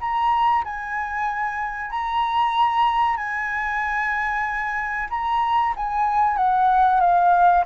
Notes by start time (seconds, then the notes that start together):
0.00 A#5
0.64 G#5
1.90 A#5
3.17 G#5
5.10 A#5
5.76 G#5
6.37 F#5
7.00 F5